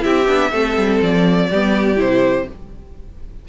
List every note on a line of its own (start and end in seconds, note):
0.00 0.28 C4
0.00 0.24 E4
0.00 0.51 G4
0.00 1.01 E5
0.27 0.52 B3
0.27 0.51 D4
0.51 0.76 A3
0.51 1.50 C4
0.51 1.48 A4
0.76 1.01 G3
1.01 1.50 F3
1.01 2.00 D5
1.51 1.97 G3
1.51 1.96 B3
1.51 2.48 G4
1.96 2.46 C3
1.96 2.45 E4
1.96 2.48 C5